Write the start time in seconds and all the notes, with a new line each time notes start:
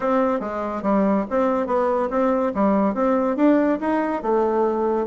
0.00 C4
0.40 G#3
0.82 G3
1.30 C4
1.67 B3
2.10 C4
2.54 G3
2.94 C4
3.36 D4
3.80 D#4
4.22 A3